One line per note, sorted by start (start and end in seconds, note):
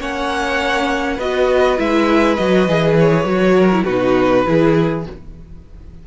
0.00 1.19 A#3
0.00 1.19 C#4
0.00 1.16 C#5
0.00 1.20 F#5
1.16 1.78 B3
1.16 1.77 F#4
1.16 3.54 B4
1.16 1.79 D#5
1.77 2.39 G#3
1.77 2.37 E4
1.77 2.36 E5
2.36 2.68 F#3
2.36 2.68 F#4
2.36 2.95 D#5
2.68 3.24 E3
2.68 3.25 G#4
2.99 3.84 C#5
3.24 3.84 F#3
3.24 3.69 F#4
3.56 3.85 A#4
3.72 3.87 E4
3.84 4.46 B2
3.84 4.46 D#4
3.84 4.44 F#4
3.84 5.03 B4
4.46 5.06 E3
4.46 5.05 E4
4.46 5.07 G#4